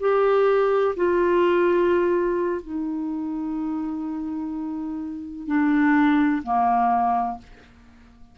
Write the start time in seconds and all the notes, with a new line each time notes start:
0.00 G4
0.97 F4
2.62 D#4
5.47 D4
6.43 A#3